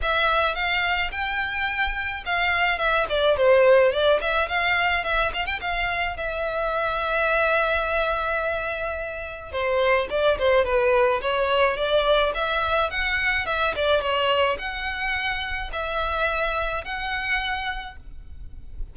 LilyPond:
\new Staff \with { instrumentName = "violin" } { \time 4/4 \tempo 4 = 107 e''4 f''4 g''2 | f''4 e''8 d''8 c''4 d''8 e''8 | f''4 e''8 f''16 g''16 f''4 e''4~ | e''1~ |
e''4 c''4 d''8 c''8 b'4 | cis''4 d''4 e''4 fis''4 | e''8 d''8 cis''4 fis''2 | e''2 fis''2 | }